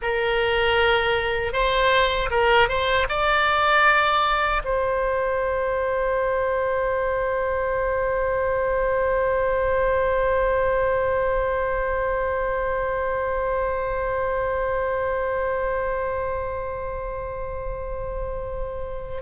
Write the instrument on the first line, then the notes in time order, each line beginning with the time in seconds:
oboe
0.02 A#4
1.52 C5
2.30 A#4
2.68 C5
3.08 D5
4.64 C5